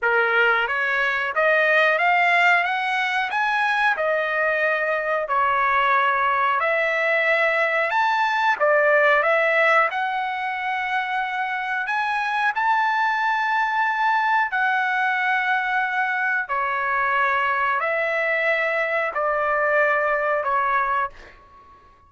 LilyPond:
\new Staff \with { instrumentName = "trumpet" } { \time 4/4 \tempo 4 = 91 ais'4 cis''4 dis''4 f''4 | fis''4 gis''4 dis''2 | cis''2 e''2 | a''4 d''4 e''4 fis''4~ |
fis''2 gis''4 a''4~ | a''2 fis''2~ | fis''4 cis''2 e''4~ | e''4 d''2 cis''4 | }